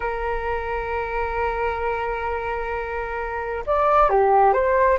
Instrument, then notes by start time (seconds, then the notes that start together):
flute
0.00 A#4
3.66 D5
4.09 G4
4.53 C5